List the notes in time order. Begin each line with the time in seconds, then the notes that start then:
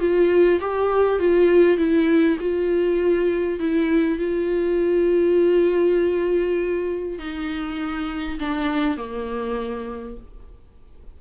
0.00 F4
0.61 G4
1.20 F4
1.78 E4
2.40 F4
3.60 E4
4.19 F4
7.19 D#4
8.40 D4
8.98 A#3